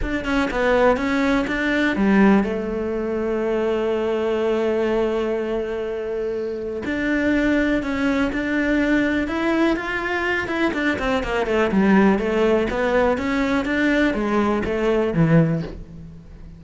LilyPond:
\new Staff \with { instrumentName = "cello" } { \time 4/4 \tempo 4 = 123 d'8 cis'8 b4 cis'4 d'4 | g4 a2.~ | a1~ | a2 d'2 |
cis'4 d'2 e'4 | f'4. e'8 d'8 c'8 ais8 a8 | g4 a4 b4 cis'4 | d'4 gis4 a4 e4 | }